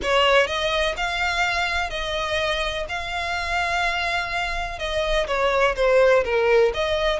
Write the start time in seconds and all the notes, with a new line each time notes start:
0.02 C#5
0.47 D#5
0.96 F5
1.90 D#5
2.88 F5
4.78 D#5
5.27 C#5
5.76 C5
6.24 A#4
6.74 D#5